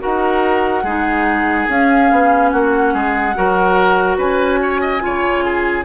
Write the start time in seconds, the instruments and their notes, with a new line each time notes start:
0.00 bassoon D#4, clarinet F#4, oboe A#4, flute F#5
0.84 bassoon G#3, clarinet D#4, oboe G#4
1.69 bassoon C#4, clarinet C#4, flute F5
2.12 bassoon B3
2.50 bassoon A#3, oboe F#4, flute F#5
2.94 bassoon G#3, oboe G#4
3.35 bassoon F#3, clarinet F#4, oboe A#4
4.18 bassoon C#4, oboe B4, flute G#5
4.62 oboe C#5
4.81 oboe D#5
5.00 bassoon C#3, clarinet F4, oboe C#5
5.45 oboe G#4